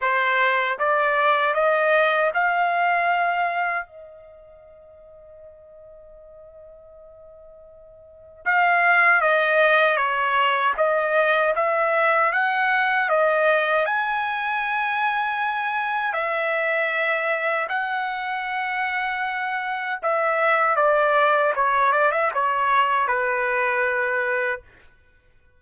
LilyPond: \new Staff \with { instrumentName = "trumpet" } { \time 4/4 \tempo 4 = 78 c''4 d''4 dis''4 f''4~ | f''4 dis''2.~ | dis''2. f''4 | dis''4 cis''4 dis''4 e''4 |
fis''4 dis''4 gis''2~ | gis''4 e''2 fis''4~ | fis''2 e''4 d''4 | cis''8 d''16 e''16 cis''4 b'2 | }